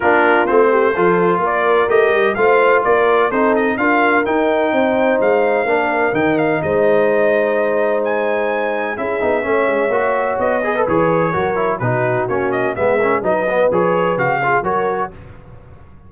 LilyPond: <<
  \new Staff \with { instrumentName = "trumpet" } { \time 4/4 \tempo 4 = 127 ais'4 c''2 d''4 | dis''4 f''4 d''4 c''8 dis''8 | f''4 g''2 f''4~ | f''4 g''8 f''8 dis''2~ |
dis''4 gis''2 e''4~ | e''2 dis''4 cis''4~ | cis''4 b'4 cis''8 dis''8 e''4 | dis''4 cis''4 f''4 cis''4 | }
  \new Staff \with { instrumentName = "horn" } { \time 4/4 f'4. g'8 a'4 ais'4~ | ais'4 c''4 ais'4 a'4 | ais'2 c''2 | ais'2 c''2~ |
c''2. gis'4 | cis''2~ cis''8 b'4. | ais'4 fis'2 gis'8 ais'8 | b'2~ b'8 gis'8 ais'4 | }
  \new Staff \with { instrumentName = "trombone" } { \time 4/4 d'4 c'4 f'2 | g'4 f'2 dis'4 | f'4 dis'2. | d'4 dis'2.~ |
dis'2. e'8 dis'8 | cis'4 fis'4. gis'16 a'16 gis'4 | fis'8 e'8 dis'4 cis'4 b8 cis'8 | dis'8 b8 gis'4 fis'8 f'8 fis'4 | }
  \new Staff \with { instrumentName = "tuba" } { \time 4/4 ais4 a4 f4 ais4 | a8 g8 a4 ais4 c'4 | d'4 dis'4 c'4 gis4 | ais4 dis4 gis2~ |
gis2. cis'8 b8 | a8 gis8 ais4 b4 e4 | fis4 b,4 ais4 gis4 | fis4 f4 cis4 fis4 | }
>>